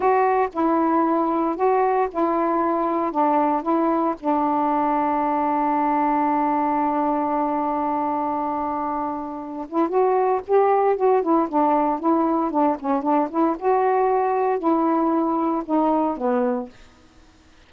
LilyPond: \new Staff \with { instrumentName = "saxophone" } { \time 4/4 \tempo 4 = 115 fis'4 e'2 fis'4 | e'2 d'4 e'4 | d'1~ | d'1~ |
d'2~ d'8 e'8 fis'4 | g'4 fis'8 e'8 d'4 e'4 | d'8 cis'8 d'8 e'8 fis'2 | e'2 dis'4 b4 | }